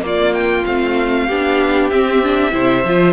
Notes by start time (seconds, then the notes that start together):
0.00 A#3 F4 D5
0.33 G5
0.66 A3 C4 F5
1.27 B3 D4 G4
1.89 C4 E5
2.22 D4
2.51 C3 E4 C5
2.84 F3 F4